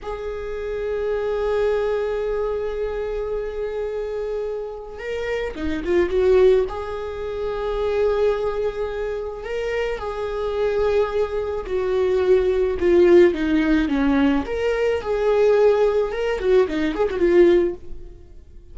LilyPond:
\new Staff \with { instrumentName = "viola" } { \time 4/4 \tempo 4 = 108 gis'1~ | gis'1~ | gis'4 ais'4 dis'8 f'8 fis'4 | gis'1~ |
gis'4 ais'4 gis'2~ | gis'4 fis'2 f'4 | dis'4 cis'4 ais'4 gis'4~ | gis'4 ais'8 fis'8 dis'8 gis'16 fis'16 f'4 | }